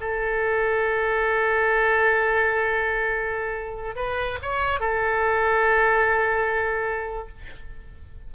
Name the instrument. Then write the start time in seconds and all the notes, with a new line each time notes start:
oboe
0.00 A4
3.95 B4
4.42 C#5
4.80 A4